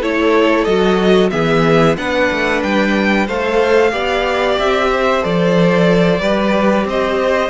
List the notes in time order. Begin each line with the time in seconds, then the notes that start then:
0.00 A3 E4 A4 C#5
0.64 F#3 F#4 D#5
1.30 E3 B3 G#4 E5
1.97 B3 D4 B4 F#5
2.32 A3
2.62 G3 G5
3.26 A3 A4 C5 F5
3.91 B3 G4 D5
4.58 C4 E5
4.91 C5
5.22 F3 A4 D5
6.20 G3 G4 B4
6.84 C4 C5 D#5